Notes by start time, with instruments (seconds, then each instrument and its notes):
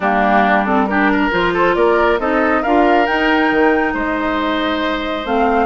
0.00 bassoon G3, clarinet A#3, oboe D4, flute G4
0.66 clarinet C4, flute A4
0.86 clarinet D4, oboe G4, flute A#4
1.11 oboe A#4
1.31 bassoon F3, clarinet F4, flute C5
1.53 oboe A4
1.74 bassoon A#3, oboe A#4, flute D5
2.19 bassoon C4, clarinet D#4, oboe A4, flute D#5
2.61 bassoon D4, clarinet F4, oboe A#4, flute F5
3.06 clarinet D#4, bassoon D#4, flute G5
3.51 bassoon D#3
3.93 bassoon G#3, oboe C5, flute D#5
5.24 bassoon A3, clarinet C4, flute F5